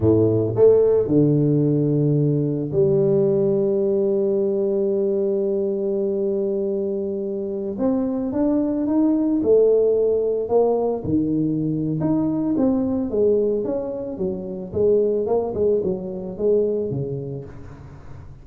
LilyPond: \new Staff \with { instrumentName = "tuba" } { \time 4/4 \tempo 4 = 110 a,4 a4 d2~ | d4 g2.~ | g1~ | g2~ g16 c'4 d'8.~ |
d'16 dis'4 a2 ais8.~ | ais16 dis4.~ dis16 dis'4 c'4 | gis4 cis'4 fis4 gis4 | ais8 gis8 fis4 gis4 cis4 | }